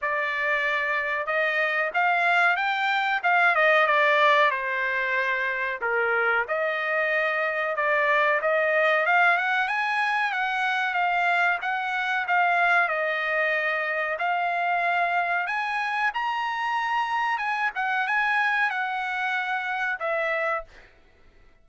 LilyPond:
\new Staff \with { instrumentName = "trumpet" } { \time 4/4 \tempo 4 = 93 d''2 dis''4 f''4 | g''4 f''8 dis''8 d''4 c''4~ | c''4 ais'4 dis''2 | d''4 dis''4 f''8 fis''8 gis''4 |
fis''4 f''4 fis''4 f''4 | dis''2 f''2 | gis''4 ais''2 gis''8 fis''8 | gis''4 fis''2 e''4 | }